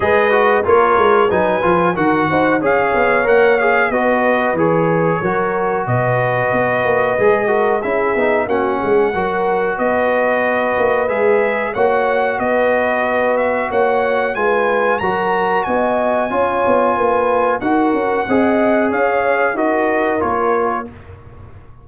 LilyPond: <<
  \new Staff \with { instrumentName = "trumpet" } { \time 4/4 \tempo 4 = 92 dis''4 cis''4 gis''4 fis''4 | f''4 fis''8 f''8 dis''4 cis''4~ | cis''4 dis''2. | e''4 fis''2 dis''4~ |
dis''4 e''4 fis''4 dis''4~ | dis''8 e''8 fis''4 gis''4 ais''4 | gis''2. fis''4~ | fis''4 f''4 dis''4 cis''4 | }
  \new Staff \with { instrumentName = "horn" } { \time 4/4 b'4 ais'4 b'4 ais'8 c''8 | cis''2 b'2 | ais'4 b'2~ b'8 ais'8 | gis'4 fis'8 gis'8 ais'4 b'4~ |
b'2 cis''4 b'4~ | b'4 cis''4 b'4 ais'4 | dis''4 cis''4 b'4 ais'4 | dis''4 cis''4 ais'2 | }
  \new Staff \with { instrumentName = "trombone" } { \time 4/4 gis'8 fis'8 f'4 dis'8 f'8 fis'4 | gis'4 ais'8 gis'8 fis'4 gis'4 | fis'2. gis'8 fis'8 | e'8 dis'8 cis'4 fis'2~ |
fis'4 gis'4 fis'2~ | fis'2 f'4 fis'4~ | fis'4 f'2 fis'4 | gis'2 fis'4 f'4 | }
  \new Staff \with { instrumentName = "tuba" } { \time 4/4 gis4 ais8 gis8 fis8 f8 dis8 dis'8 | cis'8 b8 ais4 b4 e4 | fis4 b,4 b8 ais8 gis4 | cis'8 b8 ais8 gis8 fis4 b4~ |
b8 ais8 gis4 ais4 b4~ | b4 ais4 gis4 fis4 | b4 cis'8 b8 ais4 dis'8 cis'8 | c'4 cis'4 dis'4 ais4 | }
>>